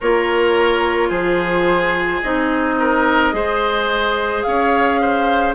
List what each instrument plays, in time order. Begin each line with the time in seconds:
0.00 bassoon A#3, clarinet F4, oboe A#4, flute C#5
1.08 bassoon F3, oboe G#4, flute C5
2.22 bassoon C4, clarinet D#4, flute D#5
2.79 oboe A#4
3.32 bassoon G#3, clarinet G#4, oboe C5
4.42 bassoon C#4, oboe C#5, flute F5
5.00 oboe C5